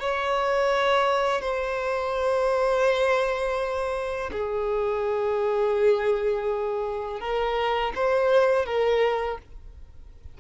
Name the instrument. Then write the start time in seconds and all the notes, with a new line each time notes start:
violin
0.00 C#5
1.41 C5
4.32 G#4
7.21 A#4
7.96 C5
8.65 A#4